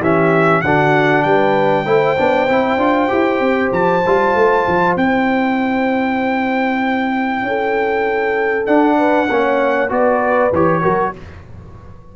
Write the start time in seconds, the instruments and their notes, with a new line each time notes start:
0.00 tuba E3, trombone C#4, horn G4, trumpet E5
0.62 tuba D3, trombone D4, horn F#4, trumpet F#5
1.23 tuba G3, horn B4, trumpet G5
1.86 tuba A3, trombone E4, horn C5
2.18 tuba B3, trombone D4
2.49 tuba C4, trombone E4
2.77 tuba D4, trombone F4
3.09 tuba E4, trombone G4
3.40 tuba C4
3.72 tuba F3, trumpet A5
4.07 tuba G3, trombone F4
4.35 tuba A3
4.68 tuba F3
4.97 tuba C4, trombone E4, trumpet G5
7.43 tuba C#4, horn A4
8.66 trombone D4, tuba D4, trumpet F#5
8.98 horn B4
9.30 tuba A#3, trombone C#4, horn C#5
9.89 tuba B3, trombone F#4, horn B4, trumpet D5
10.53 tuba E3, trombone G4, trumpet C#5
10.82 tuba F#3, trombone F#4, horn A#4